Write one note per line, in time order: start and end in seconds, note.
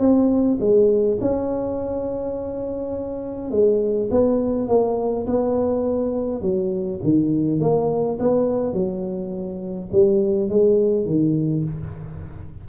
0.00 0.58 C4
0.60 1.19 G#3
1.21 3.51 C#4
3.51 4.10 G#3
4.11 4.68 B3
4.68 5.27 A#3
5.27 6.42 B3
6.42 7.00 F#3
7.04 7.61 D#3
7.61 8.19 A#3
8.20 8.74 B3
8.74 9.90 F#3
9.92 10.50 G3
10.50 11.06 G#3
11.06 11.64 D#3